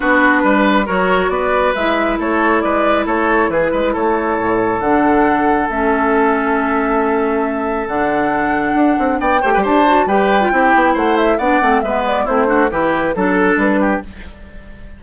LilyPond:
<<
  \new Staff \with { instrumentName = "flute" } { \time 4/4 \tempo 4 = 137 b'2 cis''4 d''4 | e''4 cis''4 d''4 cis''4 | b'4 cis''2 fis''4~ | fis''4 e''2.~ |
e''2 fis''2~ | fis''4 g''4 a''4 g''4~ | g''4 fis''8 e''8 fis''4 e''8 d''8 | c''4 b'4 a'4 b'4 | }
  \new Staff \with { instrumentName = "oboe" } { \time 4/4 fis'4 b'4 ais'4 b'4~ | b'4 a'4 b'4 a'4 | gis'8 b'8 a'2.~ | a'1~ |
a'1~ | a'4 d''8 c''16 b'16 c''4 b'4 | g'4 c''4 d''4 b'4 | e'8 fis'8 g'4 a'4. g'8 | }
  \new Staff \with { instrumentName = "clarinet" } { \time 4/4 d'2 fis'2 | e'1~ | e'2. d'4~ | d'4 cis'2.~ |
cis'2 d'2~ | d'4. g'4 fis'8 g'8. f'16 | e'2 d'8 c'8 b4 | c'8 d'8 e'4 d'2 | }
  \new Staff \with { instrumentName = "bassoon" } { \time 4/4 b4 g4 fis4 b4 | gis4 a4 gis4 a4 | e8 gis8 a4 a,4 d4~ | d4 a2.~ |
a2 d2 | d'8 c'8 b8 a16 g16 d'4 g4 | c'8 b8 a4 b8 a8 gis4 | a4 e4 fis4 g4 | }
>>